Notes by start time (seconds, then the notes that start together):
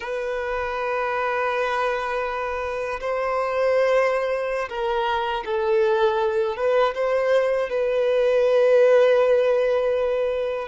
0.00 B4
3.00 C5
4.69 A#4
5.45 A4
6.56 B4
6.94 C5
7.69 B4